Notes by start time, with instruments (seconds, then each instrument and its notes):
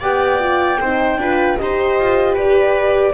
0.00 double bass B3, horn G4, viola D5, flute G5
0.39 horn F4
0.80 double bass C4, horn D#4, viola C5
1.17 double bass D4, horn F4, viola B4
1.57 double bass D#4, horn G4, viola C5, flute D#5
1.99 double bass F4
2.33 double bass G4, viola B4, flute D5